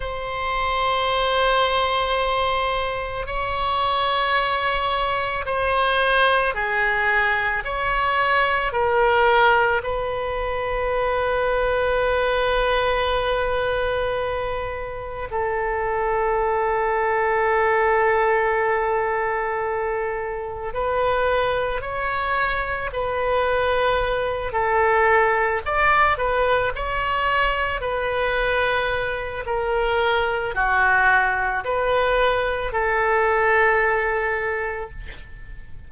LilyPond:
\new Staff \with { instrumentName = "oboe" } { \time 4/4 \tempo 4 = 55 c''2. cis''4~ | cis''4 c''4 gis'4 cis''4 | ais'4 b'2.~ | b'2 a'2~ |
a'2. b'4 | cis''4 b'4. a'4 d''8 | b'8 cis''4 b'4. ais'4 | fis'4 b'4 a'2 | }